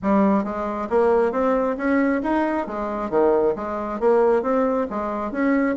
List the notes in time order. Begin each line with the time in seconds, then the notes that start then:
0.02 G3
0.44 G#3
0.89 A#3
1.32 C4
1.77 C#4
2.22 D#4
2.66 G#3
3.09 D#3
3.55 G#3
4.00 A#3
4.42 C4
4.89 G#3
5.31 C#4